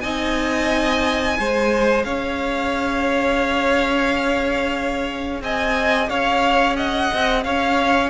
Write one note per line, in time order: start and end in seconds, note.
0.00 1.37 C4
0.00 1.36 D#4
0.00 1.37 D#5
0.00 2.02 G#5
1.36 2.05 G#3
1.36 8.09 G#4
1.36 2.05 C5
2.03 5.41 C#4
2.03 5.42 C#5
2.03 5.40 F5
5.41 6.08 C4
5.41 6.09 D#5
5.41 6.09 G#5
6.09 7.10 C#4
6.09 6.76 C#5
6.09 6.76 F5
6.76 7.44 D#5
6.76 7.43 F#5
7.13 7.44 C4
7.43 8.09 C#4
7.43 8.09 C#5
7.43 8.09 F5